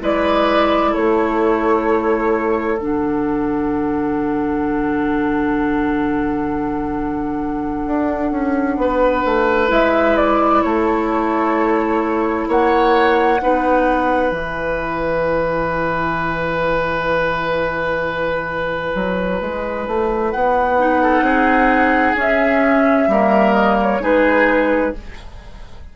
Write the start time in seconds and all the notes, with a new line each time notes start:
0.00 G#3 E4 B4 D5
0.91 A3 A4 C#5
2.78 D3 D4 F#5
7.86 D4
8.31 C#4
8.77 B3 B4
9.25 A3
9.68 G#3 E4 E5
10.17 D5
10.63 A3 A4 C#5
12.48 A#3 C#5 F#5
13.41 B3 D#4 B4
14.31 E3 E4 G#5
18.94 F#3
19.41 G#3
19.87 A3
20.30 B3 F#5
20.78 D#4
21.02 A4
21.21 C4 G#4
22.15 C#4 E5
23.07 G3 A#3 A#4
23.53 D#5
23.82 C#5
24.00 G#3 D#4 G#4 B4